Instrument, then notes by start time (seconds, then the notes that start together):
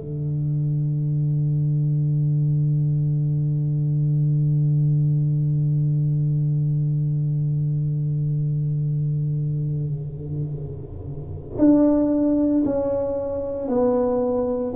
tuba
0.00 D3
11.59 D4
12.66 C#4
13.68 B3